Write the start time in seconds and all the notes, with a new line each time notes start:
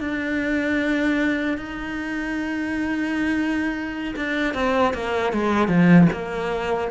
0.00 D4
1.58 D#4
4.16 D4
4.54 C4
4.94 A#3
5.33 G#3
5.68 F3
6.12 A#3